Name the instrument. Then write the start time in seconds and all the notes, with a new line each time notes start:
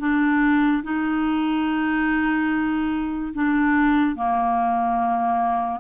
clarinet
0.00 D4
0.83 D#4
3.34 D4
4.16 A#3